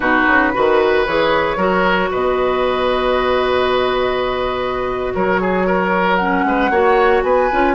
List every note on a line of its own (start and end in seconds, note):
0.00 0.26 B2
0.00 0.53 D#4
0.00 0.52 F#4
0.00 1.05 B4
0.27 0.53 C#3
0.53 1.06 D#3
0.53 1.06 F#4
0.53 1.57 B4
1.05 1.56 E3
1.05 1.57 G#4
1.05 2.10 C#5
1.56 2.09 F#3
1.56 6.18 F#4
1.56 2.09 A#4
2.11 5.15 B2
2.11 5.13 B4
2.11 5.14 D#5
5.14 6.44 F#3
5.14 5.41 A#4
5.14 6.16 C#5
5.41 5.66 G#4
5.66 6.45 A#4
6.16 6.72 C#4
6.16 7.21 F#5
6.44 6.70 G#3
6.44 6.71 B4
6.70 7.22 A#3
6.70 7.51 F#4
6.70 7.23 C#5
7.22 7.49 B3
7.22 7.74 B4
7.22 7.74 G#5
7.52 7.74 C#4
7.52 7.74 F4